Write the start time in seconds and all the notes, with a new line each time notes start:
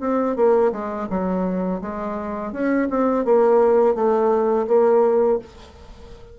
0.00 C4
0.36 A#3
0.72 G#3
1.09 F#3
1.81 G#3
2.52 C#4
2.90 C4
3.25 A#3
3.95 A3
4.67 A#3